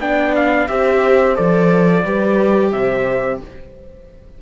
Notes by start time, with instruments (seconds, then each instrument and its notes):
0.00 cello B3, viola D4, horn D5, trumpet G5
0.36 trumpet F5
0.69 cello C4, viola G4, horn C5, trumpet E5
1.36 cello F3, viola A4, trumpet D5
2.05 cello G3, viola G4, horn B4
2.72 cello C3, horn C5, trumpet E5